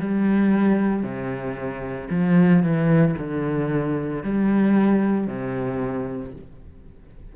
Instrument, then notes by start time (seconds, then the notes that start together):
cello
0.00 G3
1.03 C3
2.10 F3
2.63 E3
3.18 D3
4.23 G3
5.28 C3